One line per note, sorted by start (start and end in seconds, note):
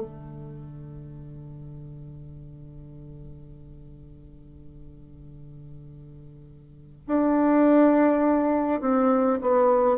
0.00 7.06 D3
7.07 8.81 D4
8.81 9.40 C4
9.41 9.97 B3